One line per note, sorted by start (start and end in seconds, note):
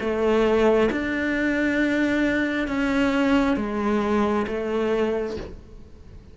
0.00 0.90 A3
0.92 2.67 D4
2.67 3.57 C#4
3.57 4.46 G#3
4.47 5.37 A3